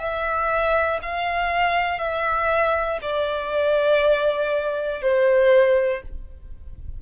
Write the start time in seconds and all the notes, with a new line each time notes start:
0.00 E5
1.02 F5
1.99 E5
3.02 D5
5.02 C5